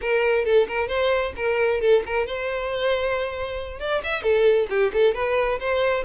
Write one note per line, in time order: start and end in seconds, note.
0.01 0.45 A#4
0.45 0.67 A4
0.67 0.88 A#4
0.88 1.32 C5
1.36 1.81 A#4
1.81 2.03 A4
2.06 2.26 A#4
2.26 3.79 C5
3.79 4.02 D5
4.03 4.22 E5
4.22 4.67 A4
4.69 4.92 G4
4.93 5.14 A4
5.14 5.59 B4
5.59 6.04 C5